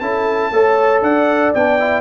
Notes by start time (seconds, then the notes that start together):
0.00 C#4 E4 A4 A5
0.52 A3 A4 C#5
1.02 D4 D5 F#5
1.54 B3 D4 G5
1.79 E4